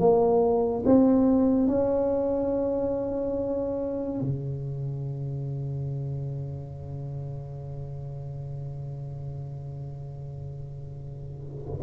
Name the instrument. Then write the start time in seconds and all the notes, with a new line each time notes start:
tuba
0.00 A#3
0.86 C4
1.68 C#4
4.21 C#3